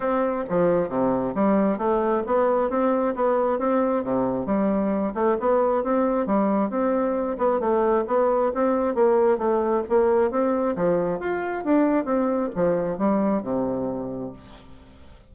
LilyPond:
\new Staff \with { instrumentName = "bassoon" } { \time 4/4 \tempo 4 = 134 c'4 f4 c4 g4 | a4 b4 c'4 b4 | c'4 c4 g4. a8 | b4 c'4 g4 c'4~ |
c'8 b8 a4 b4 c'4 | ais4 a4 ais4 c'4 | f4 f'4 d'4 c'4 | f4 g4 c2 | }